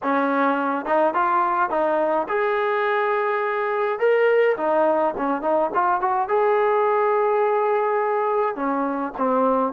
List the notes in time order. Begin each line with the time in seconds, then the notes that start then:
0.03 C#4
0.85 D#4
1.14 F4
1.70 D#4
2.28 G#4
3.99 A#4
4.57 D#4
5.17 C#4
5.41 D#4
5.74 F4
6.00 F#4
6.28 G#4
8.55 C#4
9.17 C4